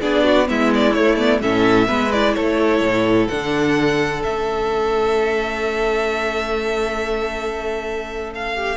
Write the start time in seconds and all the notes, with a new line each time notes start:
0.00 B3 D4 G#4 D5
0.24 F#4
0.47 G#3 B3 E4 E5
0.74 D5
0.93 A3 C#5
1.15 B3 D5
1.41 A2 C#4 A4 E5
1.87 G#3 B3 B4
2.12 E4 D5
2.33 A3 A4 C#5
2.80 A2
3.28 D3 D4 F#5
4.20 A3 C#4 E5
8.34 F5
8.54 G4